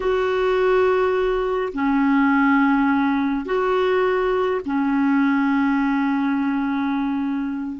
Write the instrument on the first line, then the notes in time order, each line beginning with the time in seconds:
clarinet
0.00 F#4
1.73 C#4
3.45 F#4
4.65 C#4